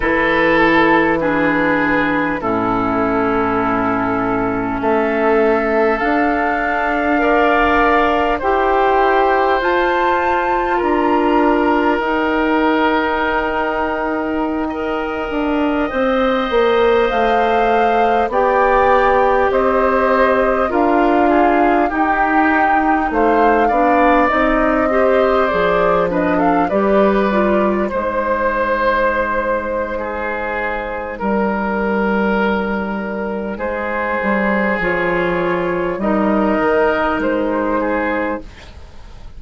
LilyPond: <<
  \new Staff \with { instrumentName = "flute" } { \time 4/4 \tempo 4 = 50 b'8 a'8 b'4 a'2 | e''4 f''2 g''4 | a''4 ais''4 g''2~ | g''2~ g''16 f''4 g''8.~ |
g''16 dis''4 f''4 g''4 f''8.~ | f''16 dis''4 d''8 dis''16 f''16 d''4 c''8.~ | c''2 ais'2 | c''4 cis''4 dis''4 c''4 | }
  \new Staff \with { instrumentName = "oboe" } { \time 4/4 a'4 gis'4 e'2 | a'2 d''4 c''4~ | c''4 ais'2.~ | ais'16 dis''2. d''8.~ |
d''16 c''4 ais'8 gis'8 g'4 c''8 d''16~ | d''8. c''4 b'16 a'16 b'4 c''8.~ | c''4 gis'4 ais'2 | gis'2 ais'4. gis'8 | }
  \new Staff \with { instrumentName = "clarinet" } { \time 4/4 e'4 d'4 cis'2~ | cis'4 d'4 ais'4 g'4 | f'2 dis'2~ | dis'16 ais'4 c''2 g'8.~ |
g'4~ g'16 f'4 dis'4. d'16~ | d'16 dis'8 g'8 gis'8 d'8 g'8 f'8 dis'8.~ | dis'1~ | dis'4 f'4 dis'2 | }
  \new Staff \with { instrumentName = "bassoon" } { \time 4/4 e2 a,2 | a4 d'2 e'4 | f'4 d'4 dis'2~ | dis'8. d'8 c'8 ais8 a4 b8.~ |
b16 c'4 d'4 dis'4 a8 b16~ | b16 c'4 f4 g4 gis8.~ | gis2 g2 | gis8 g8 f4 g8 dis8 gis4 | }
>>